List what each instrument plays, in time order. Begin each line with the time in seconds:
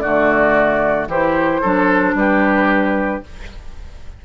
0.00 bassoon D3, clarinet A3, oboe F#4, flute D5
1.07 bassoon E3, clarinet E4, oboe G4, flute C5
1.61 bassoon F#3, clarinet D4, oboe A4
2.14 bassoon G3, oboe G4, flute B4